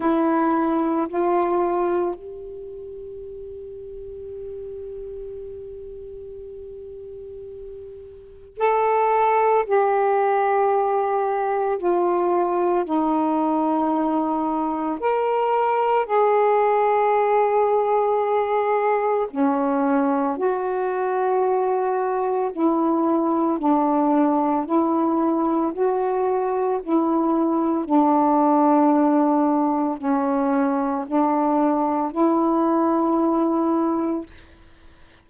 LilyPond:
\new Staff \with { instrumentName = "saxophone" } { \time 4/4 \tempo 4 = 56 e'4 f'4 g'2~ | g'1 | a'4 g'2 f'4 | dis'2 ais'4 gis'4~ |
gis'2 cis'4 fis'4~ | fis'4 e'4 d'4 e'4 | fis'4 e'4 d'2 | cis'4 d'4 e'2 | }